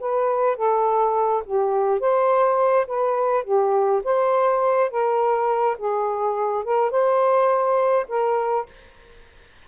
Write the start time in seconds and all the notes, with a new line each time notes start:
0.00 B4
0.57 A4
1.45 G4
2.00 C5
2.87 B4
3.44 G4
4.04 C5
4.90 A#4
5.78 G#4
6.64 A#4
6.91 C5
8.08 A#4